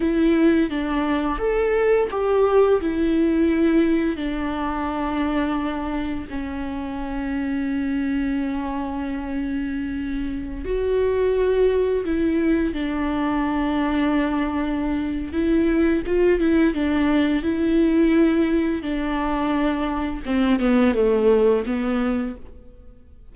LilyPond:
\new Staff \with { instrumentName = "viola" } { \time 4/4 \tempo 4 = 86 e'4 d'4 a'4 g'4 | e'2 d'2~ | d'4 cis'2.~ | cis'2.~ cis'16 fis'8.~ |
fis'4~ fis'16 e'4 d'4.~ d'16~ | d'2 e'4 f'8 e'8 | d'4 e'2 d'4~ | d'4 c'8 b8 a4 b4 | }